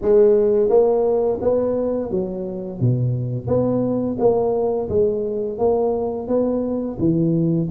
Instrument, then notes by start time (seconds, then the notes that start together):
tuba
0.01 G#3
0.69 A#3
1.41 B3
2.11 F#3
2.80 B2
3.47 B3
4.19 A#3
4.89 G#3
5.58 A#3
6.27 B3
6.98 E3